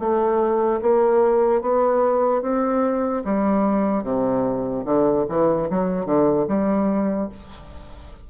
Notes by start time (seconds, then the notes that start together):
0.00 A3
0.82 A#3
1.62 B3
2.43 C4
3.25 G3
4.04 C3
4.85 D3
5.29 E3
5.70 F#3
6.06 D3
6.48 G3